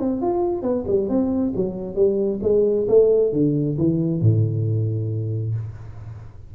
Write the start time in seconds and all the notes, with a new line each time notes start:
0.00 C4
0.22 F4
0.63 B3
0.88 G3
1.09 C4
1.56 F#3
1.96 G3
2.43 G#3
2.89 A3
3.33 D3
3.78 E3
4.22 A2